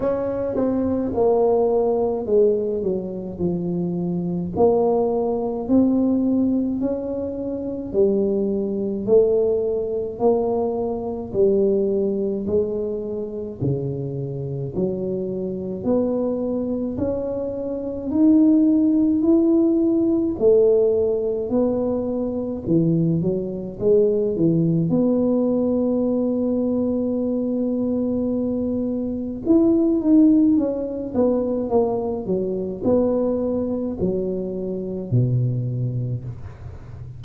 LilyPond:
\new Staff \with { instrumentName = "tuba" } { \time 4/4 \tempo 4 = 53 cis'8 c'8 ais4 gis8 fis8 f4 | ais4 c'4 cis'4 g4 | a4 ais4 g4 gis4 | cis4 fis4 b4 cis'4 |
dis'4 e'4 a4 b4 | e8 fis8 gis8 e8 b2~ | b2 e'8 dis'8 cis'8 b8 | ais8 fis8 b4 fis4 b,4 | }